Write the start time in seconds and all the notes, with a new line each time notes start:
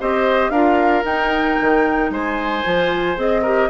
0.00 C4 G4 C5 D#5
0.50 D4 F4 A#4 F5
1.04 D#4 G5
1.61 D#3
2.10 G#3 C5 G#5
2.64 F3 F4
3.16 C4 G#4 D#5
3.42 G4 A#4